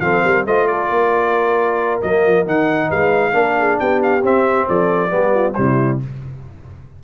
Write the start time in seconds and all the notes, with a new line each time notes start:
0.00 F3 C4 A4 F5
0.23 G3 A#4
0.46 A3 F4 C5 D#5
0.67 A4 D5
0.89 A#3 A#4
2.01 F#3 A#3 D#5
2.25 F3
2.46 D#3 D#4 F#5
2.89 G#3 B4 F5
3.32 A#3 D4 A#4
3.59 G#4
3.79 B3 G4 G5
4.02 F5
4.23 C4 E5
4.68 F3 A4 D5
5.09 G3 B3 G4
5.34 F4
5.54 C3 G3 E4 C5